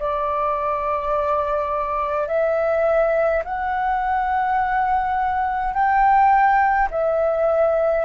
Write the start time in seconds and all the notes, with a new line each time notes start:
0.00 D5
2.28 E5
3.45 F#5
5.74 G5
6.91 E5